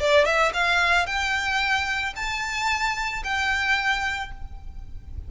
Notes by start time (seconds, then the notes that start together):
0.00 D5
0.26 E5
0.54 F5
1.06 G5
2.16 A5
3.24 G5